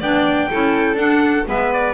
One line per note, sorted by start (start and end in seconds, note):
0.00 0.49 B3
0.00 0.49 D4
0.00 0.48 D5
0.00 0.97 G5
0.50 0.94 C#4
0.50 0.96 E4
0.50 1.46 A4
0.94 1.42 D4
0.94 1.44 D4
0.94 1.45 F#5
1.45 1.93 G#3
1.45 1.93 B3
1.45 1.93 B4
1.45 1.72 E5
1.72 1.93 D5